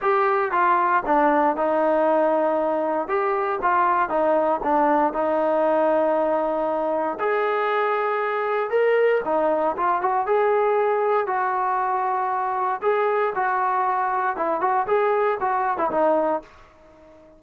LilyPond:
\new Staff \with { instrumentName = "trombone" } { \time 4/4 \tempo 4 = 117 g'4 f'4 d'4 dis'4~ | dis'2 g'4 f'4 | dis'4 d'4 dis'2~ | dis'2 gis'2~ |
gis'4 ais'4 dis'4 f'8 fis'8 | gis'2 fis'2~ | fis'4 gis'4 fis'2 | e'8 fis'8 gis'4 fis'8. e'16 dis'4 | }